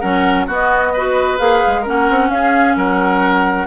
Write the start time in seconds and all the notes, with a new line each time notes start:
0.00 F#3 C#4 A#4 F#5
0.47 B3 F#4 D#5
0.94 F#4 B4
1.39 A#3 G#4 F5
1.67 G#3
1.82 A#3 C#4 A#4 F#5
2.10 C4
2.30 C#4 G#4 F5
2.76 F#3 A#4 F#5